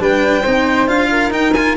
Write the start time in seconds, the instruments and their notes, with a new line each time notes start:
0.00 tuba G3, cello D4, flute B4, violin G5
0.42 tuba C4, cello D#4, flute C5
0.88 tuba D4, cello F4, violin F5
1.12 flute A#4
1.31 cello D#4, tuba D#4, violin G5
1.54 cello F4, violin G#5